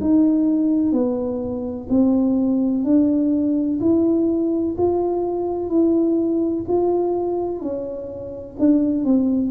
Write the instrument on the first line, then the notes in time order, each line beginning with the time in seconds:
tuba
0.00 D#4
0.92 B3
1.89 C4
2.84 D4
3.80 E4
4.77 F4
5.69 E4
6.68 F4
7.61 C#4
8.59 D4
9.04 C4